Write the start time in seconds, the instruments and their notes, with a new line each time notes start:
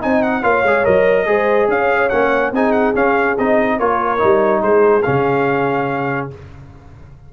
0.00 tuba C4, trombone D#4, horn D#5, trumpet G#5
0.22 trumpet F#5
0.42 tuba A#3, trombone F4, horn C#5, trumpet F5
0.63 tuba G#3, trombone G#4
0.84 tuba F#3, trombone A#4, trumpet D#5
1.26 tuba G#3, trombone G#4, horn C5
1.68 tuba C#4, horn C#5, trumpet F5
2.09 tuba A#3, trombone C#4, trumpet F#5
2.51 tuba C4, trombone D#4, horn G#4, trumpet G#5
2.72 trumpet F#5
2.94 trombone C#4, tuba C#4, trumpet F5
3.38 tuba C4, trombone D#4, trumpet D#5
3.79 tuba A#3, trombone F4, horn A#4, trumpet C#5
4.18 tuba G3, trombone D#4
4.62 tuba G#3, horn G#4, trumpet C5
5.02 tuba C#3, trombone C#4, trumpet F5